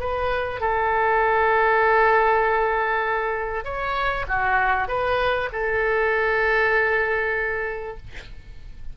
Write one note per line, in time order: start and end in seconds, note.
0.00 0.61 B4
0.61 3.65 A4
3.65 4.26 C#5
4.29 4.88 F#4
4.88 5.49 B4
5.53 7.98 A4